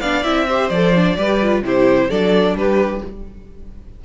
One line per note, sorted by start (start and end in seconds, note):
0.00 0.24 B3
0.00 0.24 D4
0.00 0.47 D5
0.00 0.22 F5
0.22 0.70 C4
0.22 0.47 E4
0.22 0.68 E5
0.47 0.72 G4
0.47 1.16 C5
0.68 1.16 F3
0.68 0.95 A4
0.68 1.61 D5
0.95 1.17 D4
1.17 1.62 G3
1.17 1.40 G4
1.17 1.63 B4
1.42 1.64 F4
1.62 2.08 C3
1.62 2.10 E4
1.62 2.09 G4
1.62 2.10 C5
2.09 2.55 F#3
2.09 3.02 D4
2.09 2.55 A4
2.09 2.56 D5
2.55 3.01 G3
2.55 3.04 G4
2.55 3.03 B4